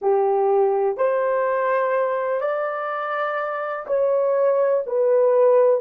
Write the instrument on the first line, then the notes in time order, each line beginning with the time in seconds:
horn
0.01 G4
0.97 C5
2.40 D5
3.87 C#5
4.86 B4